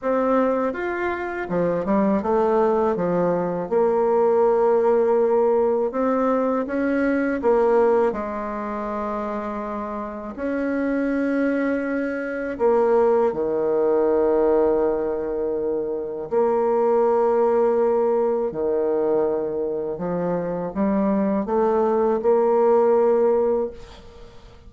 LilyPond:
\new Staff \with { instrumentName = "bassoon" } { \time 4/4 \tempo 4 = 81 c'4 f'4 f8 g8 a4 | f4 ais2. | c'4 cis'4 ais4 gis4~ | gis2 cis'2~ |
cis'4 ais4 dis2~ | dis2 ais2~ | ais4 dis2 f4 | g4 a4 ais2 | }